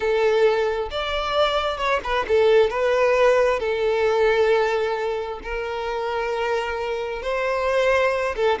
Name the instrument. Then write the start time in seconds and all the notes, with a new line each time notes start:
violin
0.00 A4
0.90 D5
1.77 C#5
2.03 B4
2.28 A4
2.70 B4
3.59 A4
5.43 A#4
7.22 C5
8.36 A4